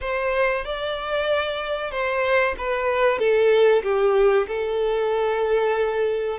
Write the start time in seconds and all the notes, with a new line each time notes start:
0.00 C5
0.64 D5
1.91 C5
2.58 B4
3.18 A4
3.82 G4
4.47 A4